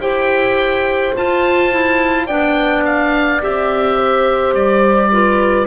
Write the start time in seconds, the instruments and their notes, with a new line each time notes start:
0.00 double bass E4, clarinet G4, horn C5, oboe G5
1.15 clarinet F4, double bass F4, oboe A5
1.71 clarinet E4
2.26 double bass B3, clarinet D4, horn D5, oboe G5
2.86 oboe F5
3.42 double bass C4, clarinet G4, oboe E5
3.97 horn C5
4.54 double bass G3, oboe D5
5.12 clarinet F4, horn B4